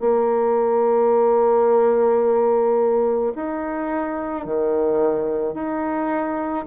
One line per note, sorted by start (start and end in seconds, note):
0.00 3.33 A#3
3.35 4.45 D#4
4.45 5.55 D#3
5.55 6.66 D#4